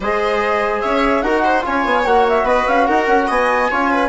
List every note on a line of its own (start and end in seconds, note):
0.00 0.82 G#3
0.00 1.24 G#4
0.00 0.82 C5
0.00 0.80 D#5
0.80 1.22 C#4
0.80 1.23 C#5
0.80 1.21 E5
1.21 1.63 D#4
1.21 1.61 F#4
1.21 1.44 A#4
1.21 1.62 F#5
1.44 1.65 C5
1.61 1.85 C#4
1.61 2.02 F4
1.61 2.45 C#5
1.61 2.05 G#5
1.85 2.05 B3
2.05 2.43 A#3
2.05 3.71 F#4
2.05 2.26 F#5
2.28 2.47 E5
2.43 2.63 B3
2.43 2.86 B4
2.43 2.67 D#5
2.67 2.88 C#4
2.67 2.87 F5
2.87 3.07 D#4
2.87 3.27 A#4
2.87 3.28 F#5
3.07 3.27 C#4
3.27 3.70 B3
3.27 3.68 D#5
3.27 4.09 G#5
3.70 4.09 C#4
3.70 4.09 F4
3.70 3.91 C#5
3.91 4.09 B4